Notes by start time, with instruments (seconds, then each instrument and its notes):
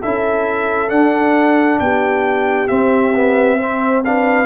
0.00 tuba C#4, trombone E4, horn A4, trumpet E5
0.89 trombone D4, tuba D4, trumpet F#5
1.80 tuba B3, horn G4, trumpet G5
2.68 trombone C4, tuba C4, trumpet E5
3.15 trombone B3
3.59 trombone C4, horn C5
4.05 trombone D4, horn B4, trumpet F5